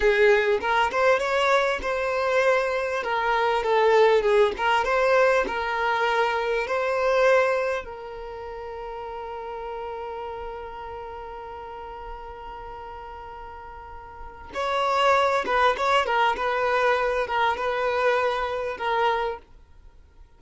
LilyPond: \new Staff \with { instrumentName = "violin" } { \time 4/4 \tempo 4 = 99 gis'4 ais'8 c''8 cis''4 c''4~ | c''4 ais'4 a'4 gis'8 ais'8 | c''4 ais'2 c''4~ | c''4 ais'2.~ |
ais'1~ | ais'1 | cis''4. b'8 cis''8 ais'8 b'4~ | b'8 ais'8 b'2 ais'4 | }